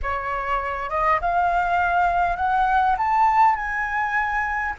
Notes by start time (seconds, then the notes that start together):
0.02 C#5
0.89 D#5
1.21 F5
2.36 F#5
2.97 A5
3.55 G#5